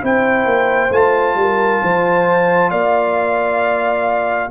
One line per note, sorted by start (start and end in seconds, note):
0.00 0.46 C4
0.00 0.90 E4
0.00 1.38 C5
0.00 0.92 G5
0.46 0.90 A#3
0.90 1.35 A3
0.90 4.51 F4
0.90 2.71 A5
1.35 1.80 G3
1.35 1.83 A#4
1.83 2.71 F3
1.83 2.70 C5
2.70 4.50 A#3
2.70 4.49 D5
2.70 4.50 F5